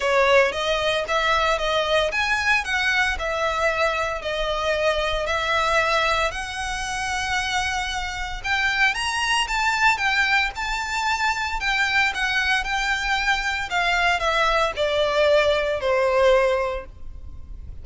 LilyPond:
\new Staff \with { instrumentName = "violin" } { \time 4/4 \tempo 4 = 114 cis''4 dis''4 e''4 dis''4 | gis''4 fis''4 e''2 | dis''2 e''2 | fis''1 |
g''4 ais''4 a''4 g''4 | a''2 g''4 fis''4 | g''2 f''4 e''4 | d''2 c''2 | }